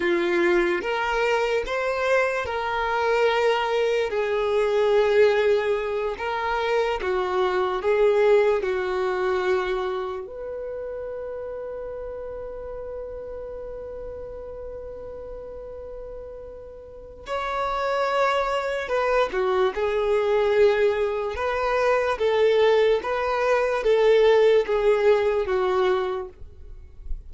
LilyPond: \new Staff \with { instrumentName = "violin" } { \time 4/4 \tempo 4 = 73 f'4 ais'4 c''4 ais'4~ | ais'4 gis'2~ gis'8 ais'8~ | ais'8 fis'4 gis'4 fis'4.~ | fis'8 b'2.~ b'8~ |
b'1~ | b'4 cis''2 b'8 fis'8 | gis'2 b'4 a'4 | b'4 a'4 gis'4 fis'4 | }